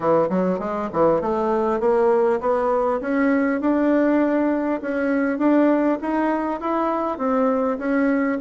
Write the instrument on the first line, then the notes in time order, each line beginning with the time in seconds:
bassoon
0.00 E3
0.29 F#3
0.59 G#3
0.92 E3
1.21 A3
1.79 A#3
2.40 B3
3.00 C#4
3.61 D4
4.81 C#4
5.38 D4
6.01 D#4
6.60 E4
7.18 C4
7.78 C#4